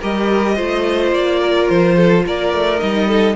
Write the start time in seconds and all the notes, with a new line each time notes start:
0.00 G3 G4 A#4 D#5
0.55 A3 F4 C5
1.12 A#3 D5
1.39 A#4
1.69 F3 C5
1.96 A4
2.26 A#3 A#4 D5
2.53 A3
2.77 G3 D#4 D#5
3.07 A4